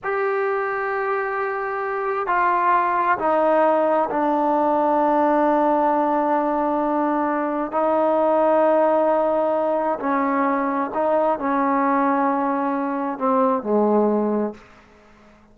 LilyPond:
\new Staff \with { instrumentName = "trombone" } { \time 4/4 \tempo 4 = 132 g'1~ | g'4 f'2 dis'4~ | dis'4 d'2.~ | d'1~ |
d'4 dis'2.~ | dis'2 cis'2 | dis'4 cis'2.~ | cis'4 c'4 gis2 | }